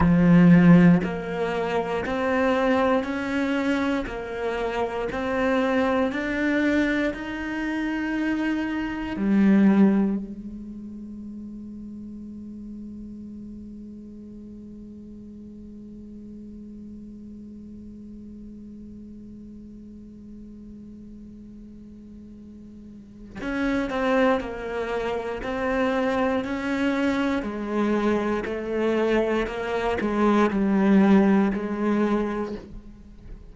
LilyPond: \new Staff \with { instrumentName = "cello" } { \time 4/4 \tempo 4 = 59 f4 ais4 c'4 cis'4 | ais4 c'4 d'4 dis'4~ | dis'4 g4 gis2~ | gis1~ |
gis1~ | gis2. cis'8 c'8 | ais4 c'4 cis'4 gis4 | a4 ais8 gis8 g4 gis4 | }